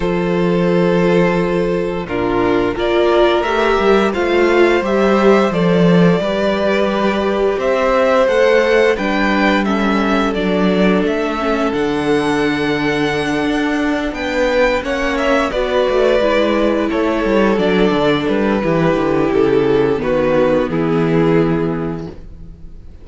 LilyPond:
<<
  \new Staff \with { instrumentName = "violin" } { \time 4/4 \tempo 4 = 87 c''2. ais'4 | d''4 e''4 f''4 e''4 | d''2. e''4 | fis''4 g''4 e''4 d''4 |
e''4 fis''2.~ | fis''8 g''4 fis''8 e''8 d''4.~ | d''8 cis''4 d''4 b'4. | a'4 b'4 gis'2 | }
  \new Staff \with { instrumentName = "violin" } { \time 4/4 a'2. f'4 | ais'2 c''2~ | c''4 b'2 c''4~ | c''4 b'4 a'2~ |
a'1~ | a'8 b'4 cis''4 b'4.~ | b'8 a'2~ a'8 g'4~ | g'4 fis'4 e'2 | }
  \new Staff \with { instrumentName = "viola" } { \time 4/4 f'2. d'4 | f'4 g'4 f'4 g'4 | a'4 g'2. | a'4 d'4 cis'4 d'4~ |
d'8 cis'8 d'2.~ | d'4. cis'4 fis'4 e'8~ | e'4. d'4. e'4~ | e'4 b2. | }
  \new Staff \with { instrumentName = "cello" } { \time 4/4 f2. ais,4 | ais4 a8 g8 a4 g4 | f4 g2 c'4 | a4 g2 fis4 |
a4 d2~ d8 d'8~ | d'8 b4 ais4 b8 a8 gis8~ | gis8 a8 g8 fis8 d8 g8 e8 d8 | cis4 dis4 e2 | }
>>